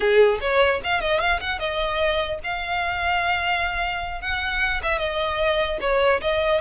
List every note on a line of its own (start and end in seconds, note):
0.00 0.39 G#4
0.40 0.80 C#5
0.83 1.01 F5
1.01 1.20 D#5
1.20 1.40 F5
1.40 1.59 F#5
1.59 2.39 D#5
2.43 4.21 F5
4.21 4.81 F#5
4.82 4.98 E5
4.98 5.78 D#5
5.81 6.21 C#5
6.21 6.60 D#5